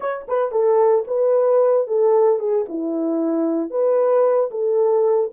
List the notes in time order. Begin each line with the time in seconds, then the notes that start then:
0.00 C#5
0.28 B4
0.51 A4
1.07 B4
1.87 A4
2.39 G#4
2.68 E4
3.70 B4
4.50 A4